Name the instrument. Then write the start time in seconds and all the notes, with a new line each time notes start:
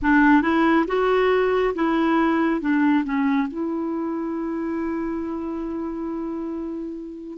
clarinet
0.02 D4
0.42 E4
0.87 F#4
1.74 E4
2.60 D4
3.04 C#4
3.47 E4